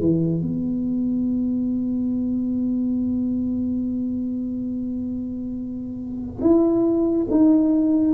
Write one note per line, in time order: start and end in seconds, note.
0.00 0.41 E3
0.41 6.41 B3
6.41 7.27 E4
7.30 8.14 D#4